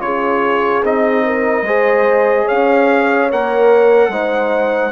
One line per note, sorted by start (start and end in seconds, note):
0.00 0.82 C#3
0.00 0.82 F4
0.00 1.26 G#4
0.00 0.84 C#5
0.82 1.62 C4
0.82 1.66 D#4
0.82 2.48 D#5
1.26 1.66 A#4
1.62 2.44 G#3
1.62 3.30 G#4
1.62 2.45 C5
2.45 3.32 C#4
2.45 4.09 C#5
2.45 3.30 F5
3.30 4.09 A#3
3.30 4.12 A#4
3.30 4.91 F#5
4.09 4.91 G#3
4.09 4.91 D#4
4.09 4.91 C5